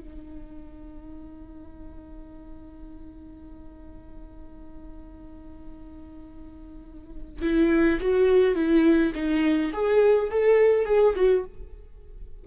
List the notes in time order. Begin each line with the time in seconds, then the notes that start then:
0.00 D#4
7.41 E4
8.01 F#4
8.55 E4
9.14 D#4
9.73 G#4
10.30 A4
10.85 G#4
11.16 F#4